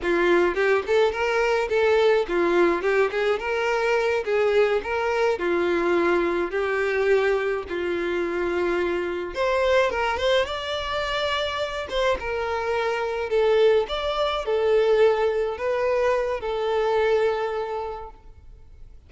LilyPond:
\new Staff \with { instrumentName = "violin" } { \time 4/4 \tempo 4 = 106 f'4 g'8 a'8 ais'4 a'4 | f'4 g'8 gis'8 ais'4. gis'8~ | gis'8 ais'4 f'2 g'8~ | g'4. f'2~ f'8~ |
f'8 c''4 ais'8 c''8 d''4.~ | d''4 c''8 ais'2 a'8~ | a'8 d''4 a'2 b'8~ | b'4 a'2. | }